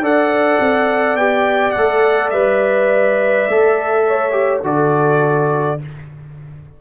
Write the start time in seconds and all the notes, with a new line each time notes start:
0.00 D4 A4 D5 F#5
0.59 C4
1.15 B3 G4 G5
1.71 A3 F#5
1.78 A4
2.30 G3 B4 E5
3.48 A3 A4
4.07 C#5
4.31 G4
4.62 D3 F#4 A4 D5